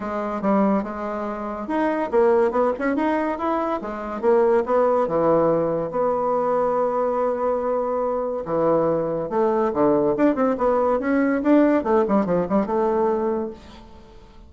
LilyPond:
\new Staff \with { instrumentName = "bassoon" } { \time 4/4 \tempo 4 = 142 gis4 g4 gis2 | dis'4 ais4 b8 cis'8 dis'4 | e'4 gis4 ais4 b4 | e2 b2~ |
b1 | e2 a4 d4 | d'8 c'8 b4 cis'4 d'4 | a8 g8 f8 g8 a2 | }